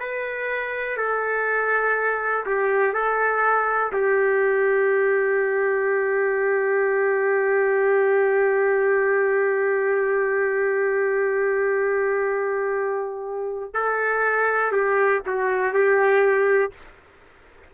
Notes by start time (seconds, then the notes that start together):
0.00 B4
0.97 A4
2.46 G4
2.94 A4
3.93 G4
13.74 A4
14.72 G4
15.26 F#4
15.74 G4